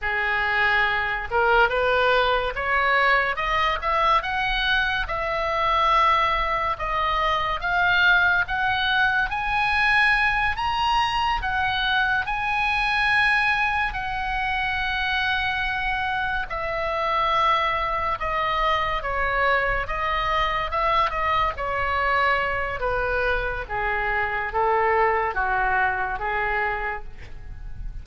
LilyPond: \new Staff \with { instrumentName = "oboe" } { \time 4/4 \tempo 4 = 71 gis'4. ais'8 b'4 cis''4 | dis''8 e''8 fis''4 e''2 | dis''4 f''4 fis''4 gis''4~ | gis''8 ais''4 fis''4 gis''4.~ |
gis''8 fis''2. e''8~ | e''4. dis''4 cis''4 dis''8~ | dis''8 e''8 dis''8 cis''4. b'4 | gis'4 a'4 fis'4 gis'4 | }